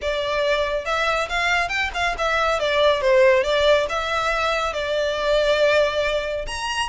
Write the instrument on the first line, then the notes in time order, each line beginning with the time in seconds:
violin
0.01 D5
0.85 E5
1.29 F5
1.68 G5
1.93 F5
2.18 E5
2.59 D5
3.01 C5
3.43 D5
3.89 E5
4.73 D5
6.46 A#5